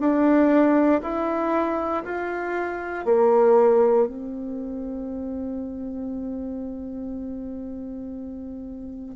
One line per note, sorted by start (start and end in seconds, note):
0.00 1.02 D4
1.02 2.04 E4
2.04 3.05 F4
3.05 4.07 A#3
4.07 9.15 C4